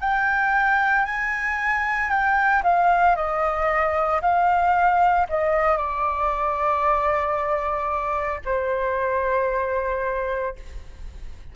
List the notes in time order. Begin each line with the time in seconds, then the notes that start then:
0.00 G5
1.05 G#5
2.10 G5
2.63 F5
3.15 D#5
4.22 F5
5.29 D#5
5.77 D5
8.45 C5